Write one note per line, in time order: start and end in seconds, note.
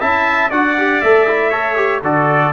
0.00 0.51 C#4
0.00 0.51 E4
0.00 0.50 E5
0.00 0.51 A5
0.50 1.01 D4
0.50 0.76 F#4
0.50 1.49 D5
0.50 1.01 F#5
0.77 1.03 G4
1.01 2.02 A3
1.01 1.27 A4
1.01 2.01 E5
1.27 1.51 E4
1.49 1.76 A4
1.49 2.00 C#5
1.76 2.01 G4
2.02 2.52 D3
2.02 2.52 F#4
2.02 2.52 A4
2.02 2.52 D5